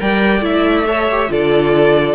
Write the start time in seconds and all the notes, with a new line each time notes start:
0.00 G3 A#4 D5 G5
0.42 A3 E4 E5
0.87 A4 C#5
1.11 G4
1.29 D3 F4 A4 D5